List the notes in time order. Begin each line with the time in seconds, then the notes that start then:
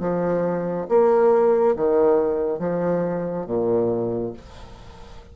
0.00 F3
0.89 A#3
1.76 D#3
2.59 F3
3.46 A#2